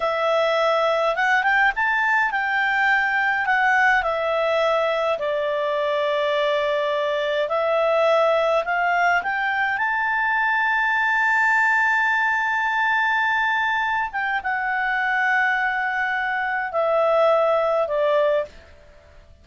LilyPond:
\new Staff \with { instrumentName = "clarinet" } { \time 4/4 \tempo 4 = 104 e''2 fis''8 g''8 a''4 | g''2 fis''4 e''4~ | e''4 d''2.~ | d''4 e''2 f''4 |
g''4 a''2.~ | a''1~ | a''8 g''8 fis''2.~ | fis''4 e''2 d''4 | }